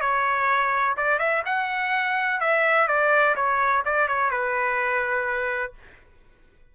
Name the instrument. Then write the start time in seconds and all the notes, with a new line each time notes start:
trumpet
0.00 C#5
0.97 D5
1.18 E5
1.45 F#5
2.40 E5
2.87 D5
3.35 C#5
3.85 D5
4.08 C#5
4.30 B4